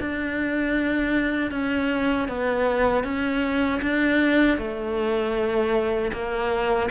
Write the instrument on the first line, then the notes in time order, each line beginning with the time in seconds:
cello
0.00 D4
1.51 C#4
2.28 B3
3.03 C#4
3.82 D4
4.58 A3
6.13 A#3